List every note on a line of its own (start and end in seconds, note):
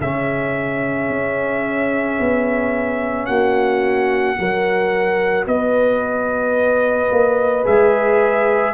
0.00 1.09 C#3
0.00 4.36 C#4
0.00 3.27 G#4
0.00 3.25 E5
1.09 2.18 C#4
2.19 3.28 B3
3.25 4.37 A#3
3.25 4.36 F#4
3.25 5.44 F#5
4.36 5.46 F#3
4.36 7.63 F#4
4.36 5.47 A#4
5.46 7.10 B3
5.46 8.74 B4
5.46 7.65 D#5
7.10 7.65 A#3
7.63 8.74 G#3
7.63 8.72 G#4
7.63 8.74 E5